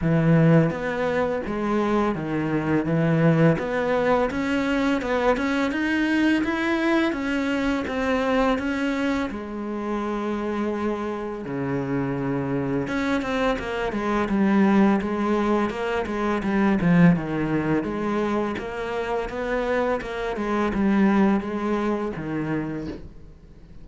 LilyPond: \new Staff \with { instrumentName = "cello" } { \time 4/4 \tempo 4 = 84 e4 b4 gis4 dis4 | e4 b4 cis'4 b8 cis'8 | dis'4 e'4 cis'4 c'4 | cis'4 gis2. |
cis2 cis'8 c'8 ais8 gis8 | g4 gis4 ais8 gis8 g8 f8 | dis4 gis4 ais4 b4 | ais8 gis8 g4 gis4 dis4 | }